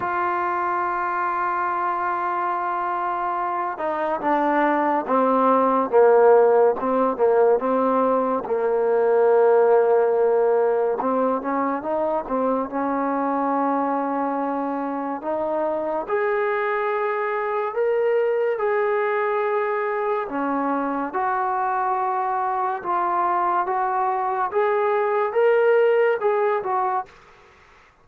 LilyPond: \new Staff \with { instrumentName = "trombone" } { \time 4/4 \tempo 4 = 71 f'1~ | f'8 dis'8 d'4 c'4 ais4 | c'8 ais8 c'4 ais2~ | ais4 c'8 cis'8 dis'8 c'8 cis'4~ |
cis'2 dis'4 gis'4~ | gis'4 ais'4 gis'2 | cis'4 fis'2 f'4 | fis'4 gis'4 ais'4 gis'8 fis'8 | }